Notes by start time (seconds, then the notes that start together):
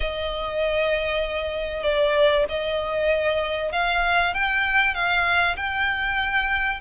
0.00 D#5
1.83 D5
2.48 D#5
3.72 F5
4.34 G5
4.94 F5
5.56 G5